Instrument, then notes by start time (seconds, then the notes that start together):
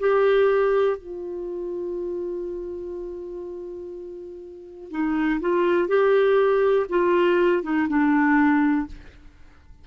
clarinet
0.00 G4
0.97 F4
4.91 D#4
5.41 F4
5.88 G4
6.89 F4
7.63 D#4
7.89 D4